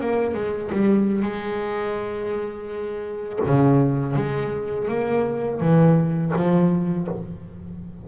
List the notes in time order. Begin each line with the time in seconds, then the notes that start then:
0.00 A#3
0.34 G#3
0.72 G3
1.23 G#3
3.46 C#3
4.16 G#3
4.88 A#3
5.60 E3
6.35 F3